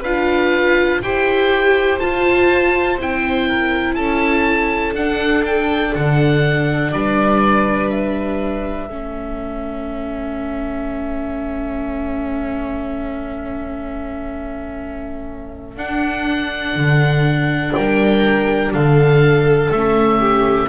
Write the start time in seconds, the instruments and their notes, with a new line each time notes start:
0.00 double bass D4, viola F4, violin B4, oboe F5
1.01 double bass E4, viola G4, violin C5, oboe G5
1.99 viola F4, double bass F4, oboe A5
2.98 double bass C4, viola E4, oboe G5
3.47 violin A#4
3.94 double bass C#4, violin A4, oboe A5
4.93 double bass D4, viola D4, oboe F#5
5.45 oboe G5
5.94 double bass D3, oboe F#5
6.91 double bass G3, violin B4, oboe D5
7.90 oboe E5
8.86 double bass A3, viola C#4, violin A4
15.76 double bass D4, viola D4, oboe F#5
16.75 double bass D3
17.74 double bass G3, violin A#4, oboe G5
18.72 double bass D3, violin A4, oboe F5
19.69 double bass A3, viola C#4, oboe E5
20.18 violin G4